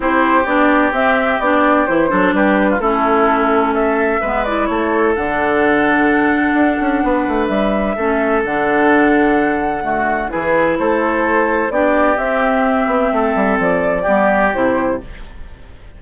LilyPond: <<
  \new Staff \with { instrumentName = "flute" } { \time 4/4 \tempo 4 = 128 c''4 d''4 e''4 d''4 | c''4 b'4 a'2 | e''4. d''8 cis''4 fis''4~ | fis''1 |
e''2 fis''2~ | fis''2 b'4 c''4~ | c''4 d''4 e''2~ | e''4 d''2 c''4 | }
  \new Staff \with { instrumentName = "oboe" } { \time 4/4 g'1~ | g'8 a'8 g'8. f'16 e'2 | a'4 b'4 a'2~ | a'2. b'4~ |
b'4 a'2.~ | a'4 fis'4 gis'4 a'4~ | a'4 g'2. | a'2 g'2 | }
  \new Staff \with { instrumentName = "clarinet" } { \time 4/4 e'4 d'4 c'4 d'4 | e'8 d'4. cis'2~ | cis'4 b8 e'4. d'4~ | d'1~ |
d'4 cis'4 d'2~ | d'4 a4 e'2~ | e'4 d'4 c'2~ | c'2 b4 e'4 | }
  \new Staff \with { instrumentName = "bassoon" } { \time 4/4 c'4 b4 c'4 b4 | e8 fis8 g4 a2~ | a4 gis4 a4 d4~ | d2 d'8 cis'8 b8 a8 |
g4 a4 d2~ | d2 e4 a4~ | a4 b4 c'4. b8 | a8 g8 f4 g4 c4 | }
>>